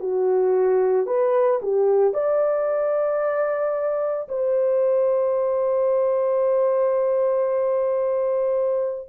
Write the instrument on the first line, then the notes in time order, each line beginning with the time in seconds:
horn
0.00 F#4
1.07 B4
1.62 G4
2.14 D5
4.29 C5